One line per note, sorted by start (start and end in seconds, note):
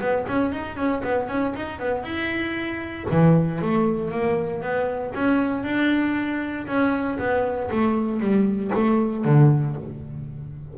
0.00 0.26 B3
0.27 0.52 C#4
0.52 0.76 D#4
0.76 1.02 C#4
1.03 1.28 B3
1.28 1.53 C#4
1.55 1.79 D#4
1.79 2.03 B3
2.03 3.06 E4
3.10 3.62 E3
3.62 4.11 A3
4.11 4.62 A#3
4.62 5.13 B3
5.15 5.64 C#4
5.64 6.66 D4
6.67 7.18 C#4
7.19 7.70 B3
7.71 8.20 A3
8.20 8.71 G3
8.74 9.25 A3
9.25 9.76 D3